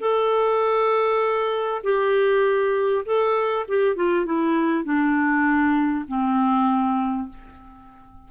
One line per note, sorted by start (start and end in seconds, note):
0.00 1.82 A4
1.83 3.04 G4
3.05 3.66 A4
3.68 3.96 G4
3.96 4.25 F4
4.25 4.84 E4
4.84 6.06 D4
6.07 7.29 C4